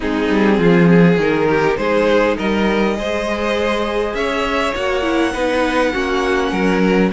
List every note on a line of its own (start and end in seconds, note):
0.00 0.29 G#3
0.00 1.19 C4
0.00 0.58 D#4
0.00 1.20 G#4
0.29 0.58 G3
0.58 1.17 F3
0.58 0.88 F4
0.88 1.48 G#4
1.17 1.76 D#3
1.17 2.95 D#4
1.17 1.77 A#4
1.49 1.78 G4
1.77 2.36 G#3
1.77 2.37 G#4
1.77 2.36 C5
2.37 2.98 G3
2.37 2.96 A#4
2.37 4.14 D#5
2.95 4.14 G#3
2.95 4.74 G#4
2.95 4.16 C5
4.14 4.73 C#4
4.14 5.32 C#5
4.14 4.74 E5
4.75 5.34 A#3
4.75 5.02 F#4
4.75 7.12 F#5
5.02 5.32 E4
5.32 5.94 B3
5.32 5.92 D#4
5.32 5.92 B4
5.92 6.52 A#3
5.92 7.12 C#4
5.92 6.50 F#4
6.50 7.11 F#3
6.50 7.10 A#4